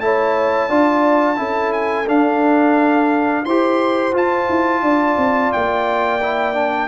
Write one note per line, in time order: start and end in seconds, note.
0.00 0.69 A3
0.00 0.70 E4
0.00 0.69 C#5
0.00 1.72 A5
0.69 1.38 D4
0.69 1.36 F4
0.69 1.38 D5
1.36 2.07 C#4
1.36 2.05 E4
1.36 3.45 A4
1.73 2.07 G#5
2.07 3.45 D4
2.07 3.45 F5
3.45 4.13 E4
3.45 4.13 G4
3.45 4.82 C5
3.45 4.14 C6
4.13 6.20 F4
4.13 4.48 F4
4.13 5.52 A5
4.49 4.82 E4
4.82 5.16 D4
4.82 6.87 D5
5.17 5.52 C4
5.52 6.87 A#3
5.52 6.87 G5
6.22 6.53 E4
6.53 6.87 D4